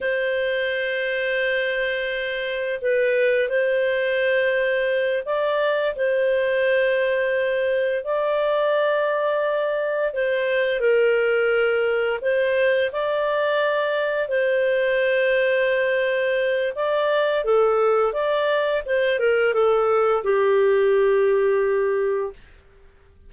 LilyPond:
\new Staff \with { instrumentName = "clarinet" } { \time 4/4 \tempo 4 = 86 c''1 | b'4 c''2~ c''8 d''8~ | d''8 c''2. d''8~ | d''2~ d''8 c''4 ais'8~ |
ais'4. c''4 d''4.~ | d''8 c''2.~ c''8 | d''4 a'4 d''4 c''8 ais'8 | a'4 g'2. | }